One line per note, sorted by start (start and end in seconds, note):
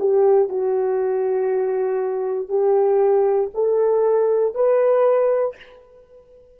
0.00 0.49 G4
0.49 2.49 F#4
2.49 3.50 G4
3.55 4.55 A4
4.55 5.57 B4